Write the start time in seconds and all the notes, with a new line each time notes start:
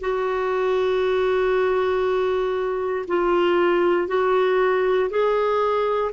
0.00 F#4
3.07 F4
4.07 F#4
5.10 G#4